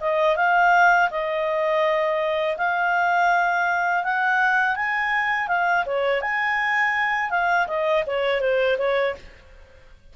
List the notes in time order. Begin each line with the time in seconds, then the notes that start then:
0.00 D#5
0.36 F5
1.10 D#5
2.57 F5
4.04 F#5
4.76 G#5
5.48 F5
5.86 C#5
6.21 G#5
7.30 F5
7.67 D#5
8.07 C#5
8.40 C5
8.78 C#5